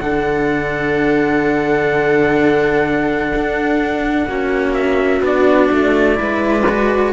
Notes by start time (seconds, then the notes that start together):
0.00 D3 D4 A4 F#5
3.35 D4
4.27 A#3 C#4 F#4
4.74 E5
5.22 B3 D4 D5
5.72 A3
6.15 G#3 E4 B4
6.70 F#4